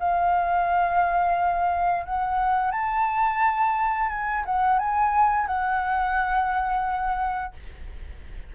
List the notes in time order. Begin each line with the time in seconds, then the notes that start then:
0.00 F5
2.06 F#5
2.72 A5
4.10 G#5
4.46 F#5
4.79 G#5
5.47 F#5